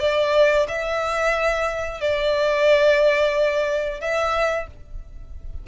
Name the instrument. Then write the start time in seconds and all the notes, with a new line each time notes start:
violin
0.00 D5
0.68 E5
2.01 D5
4.01 E5